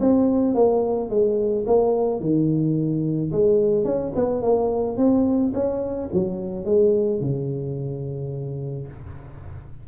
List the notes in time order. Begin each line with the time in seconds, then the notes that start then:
0.00 C4
0.54 A#3
1.10 G#3
1.66 A#3
2.20 D#3
3.32 G#3
3.84 C#4
4.15 B3
4.42 A#3
4.97 C4
5.54 C#4
6.13 F#3
6.65 G#3
7.20 C#3